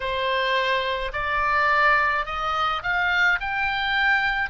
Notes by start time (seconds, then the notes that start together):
0.00 C5
1.12 D5
2.25 D#5
2.83 F5
3.40 G5